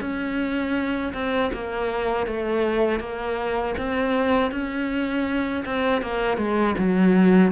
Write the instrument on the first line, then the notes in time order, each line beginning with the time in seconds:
cello
0.00 C#4
1.13 C4
1.53 A#3
2.26 A3
2.99 A#3
3.78 C4
4.51 C#4
5.65 C4
6.01 A#3
6.37 G#3
6.78 F#3